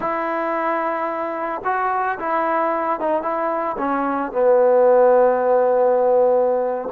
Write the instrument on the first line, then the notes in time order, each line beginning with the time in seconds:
trombone
0.00 E4
1.64 F#4
2.19 E4
3.00 D#4
3.22 E4
3.78 C#4
4.32 B3